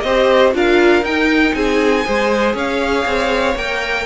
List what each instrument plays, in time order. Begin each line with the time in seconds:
0.00 cello C4, viola G4, violin C5 D#5
0.52 cello D4, viola F4, violin A#4 F5
1.02 cello D#4, viola D#4, violin G5
1.54 cello C4, violin G#4 G#5
2.04 cello G#3, viola G#4, violin C5
2.54 cello C#4, violin C#5 F5
3.05 cello C4
3.55 cello A#3, viola A#4, violin G5